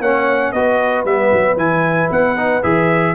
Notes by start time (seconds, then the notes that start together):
0.00 A#3 C#4 C#5 F#5
0.52 B3 F#4 B4 D#5
1.05 G3 B3 E5
1.32 F#3
1.57 E3 E4 G#5
2.11 B3 F#5
2.36 D#4
2.63 E3 G#4 E5